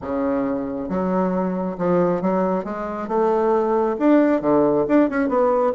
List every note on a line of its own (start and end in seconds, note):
0.01 0.88 C#3
0.88 1.76 F#3
1.77 2.21 F3
2.21 2.64 F#3
2.64 3.08 G#3
3.08 3.96 A3
3.99 4.41 D4
4.41 4.85 D3
4.87 5.09 D4
5.09 5.28 C#4
5.28 5.72 B3